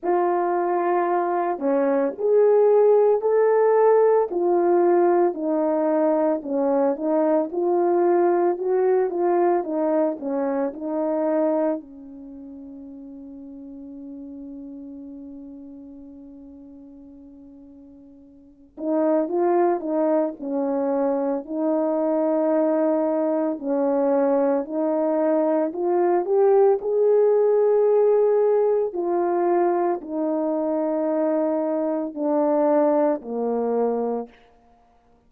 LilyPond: \new Staff \with { instrumentName = "horn" } { \time 4/4 \tempo 4 = 56 f'4. cis'8 gis'4 a'4 | f'4 dis'4 cis'8 dis'8 f'4 | fis'8 f'8 dis'8 cis'8 dis'4 cis'4~ | cis'1~ |
cis'4. dis'8 f'8 dis'8 cis'4 | dis'2 cis'4 dis'4 | f'8 g'8 gis'2 f'4 | dis'2 d'4 ais4 | }